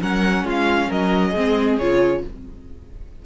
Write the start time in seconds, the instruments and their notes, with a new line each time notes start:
0.00 cello F#3, viola C#4, violin A#4 F#5
0.43 cello G#3, violin F4
0.50 violin F5
0.88 cello F#3, violin A#4 D#5
1.30 cello G#3, viola C4, violin G#4
1.78 cello C#3, viola F4, violin C#5